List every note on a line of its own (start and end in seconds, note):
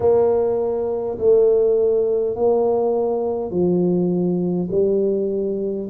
0.00 1.18 A#3
1.18 2.35 A3
2.35 3.50 A#3
3.50 4.68 F3
4.71 5.88 G3